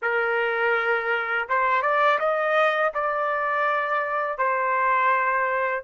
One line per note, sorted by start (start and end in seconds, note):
0.02 1.48 A#4
1.48 1.82 C5
1.82 2.18 D5
2.19 2.92 D#5
2.93 4.38 D5
4.38 5.84 C5